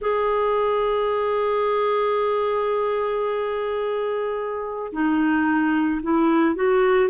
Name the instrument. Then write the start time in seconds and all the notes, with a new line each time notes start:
clarinet
0.00 G#4
4.92 D#4
6.02 E4
6.55 F#4